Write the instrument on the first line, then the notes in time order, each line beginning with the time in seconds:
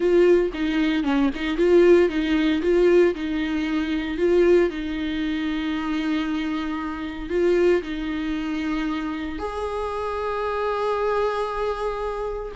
viola
0.00 F4
0.53 D#4
1.03 C#4
1.34 D#4
1.57 F4
2.09 D#4
2.62 F4
3.14 D#4
4.17 F4
4.70 D#4
7.29 F4
7.82 D#4
9.39 G#4